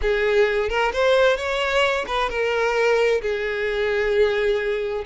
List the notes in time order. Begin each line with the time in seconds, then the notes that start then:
0.01 G#4
0.69 A#4
0.92 C5
1.36 C#5
2.07 B4
2.29 A#4
3.21 G#4